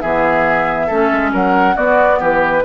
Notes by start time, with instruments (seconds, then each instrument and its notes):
0.00 bassoon E3, clarinet B3, oboe G#4, flute E5
0.86 bassoon A3, clarinet C#4, oboe A4
1.12 bassoon G#3
1.32 bassoon F#3, oboe A#4, flute F#5
1.75 clarinet B3, bassoon B3, oboe F#4, flute D5
2.19 bassoon E3, oboe G4, flute B4